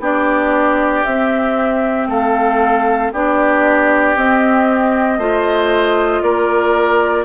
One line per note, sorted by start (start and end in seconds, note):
0.00 1.03 B3
0.00 1.06 D4
0.00 2.08 G4
0.00 1.05 D5
1.05 2.08 C4
1.05 3.14 C4
1.05 2.08 E5
2.08 3.11 A3
2.08 3.13 A4
2.08 3.14 F5
3.13 4.17 B3
3.13 4.17 D4
3.13 5.19 G4
3.13 4.17 D5
4.17 5.18 C4
4.17 5.20 C4
4.17 6.23 D#5
5.18 6.22 A3
5.18 7.25 F4
5.18 6.23 C5
6.22 7.25 A#3
6.22 7.25 A#4
6.22 7.25 D5